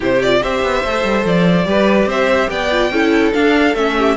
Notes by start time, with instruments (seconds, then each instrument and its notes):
0.00 cello C3, viola E4, violin G4 C5
0.22 viola F4, violin D5
0.42 cello C4, viola G4, violin C5 E5
0.63 cello B3
0.84 cello A3, viola A4
1.03 cello G3
1.24 cello F3, violin D5
1.65 cello G3, viola G4, violin B4
2.05 cello C4, violin C5 E5
2.49 cello B3, violin D5 G5
2.71 viola F4
2.91 cello C#4, viola E4, violin A4
3.33 viola D4, cello D4, violin F5
3.75 cello A3, viola C#4, violin E5
3.97 violin G4